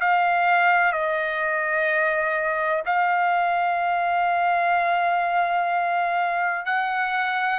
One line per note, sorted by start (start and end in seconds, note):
0.00 0.92 F5
0.92 2.83 D#5
2.85 6.65 F5
6.65 7.59 F#5